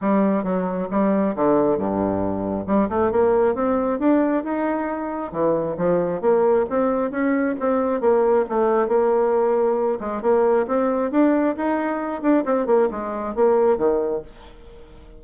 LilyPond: \new Staff \with { instrumentName = "bassoon" } { \time 4/4 \tempo 4 = 135 g4 fis4 g4 d4 | g,2 g8 a8 ais4 | c'4 d'4 dis'2 | e4 f4 ais4 c'4 |
cis'4 c'4 ais4 a4 | ais2~ ais8 gis8 ais4 | c'4 d'4 dis'4. d'8 | c'8 ais8 gis4 ais4 dis4 | }